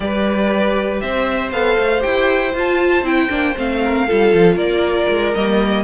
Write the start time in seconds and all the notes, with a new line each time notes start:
0.00 G3 G4 B4 D5
1.00 C4 C5 E5
1.51 B3 A4 F5
1.78 A3
2.00 E4 G4 G5
2.53 F4 A5
3.02 C4 E4 G5
3.29 A#3 D4
3.56 A3 C4 F5
3.84 A#4
4.07 G3 F4 A4
4.33 F3
4.55 A#3 A#4 D5
5.09 G#3
5.34 G3 A#3 D#5